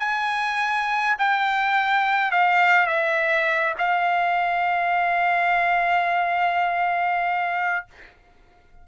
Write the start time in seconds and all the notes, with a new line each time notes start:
0.00 G#5
1.19 G5
2.32 F5
2.87 E5
3.79 F5